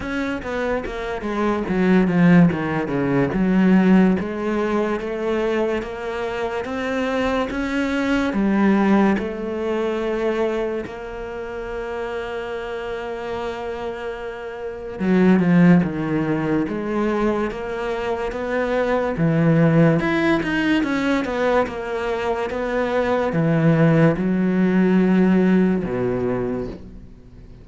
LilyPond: \new Staff \with { instrumentName = "cello" } { \time 4/4 \tempo 4 = 72 cis'8 b8 ais8 gis8 fis8 f8 dis8 cis8 | fis4 gis4 a4 ais4 | c'4 cis'4 g4 a4~ | a4 ais2.~ |
ais2 fis8 f8 dis4 | gis4 ais4 b4 e4 | e'8 dis'8 cis'8 b8 ais4 b4 | e4 fis2 b,4 | }